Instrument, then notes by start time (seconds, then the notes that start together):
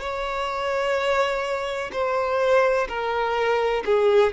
violin
0.00 C#5
1.92 C5
2.88 A#4
3.85 G#4